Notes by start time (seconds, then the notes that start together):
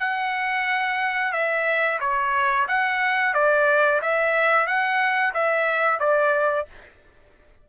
0.00 F#5
1.33 E5
2.01 C#5
2.68 F#5
3.35 D5
4.02 E5
4.67 F#5
5.35 E5
6.00 D5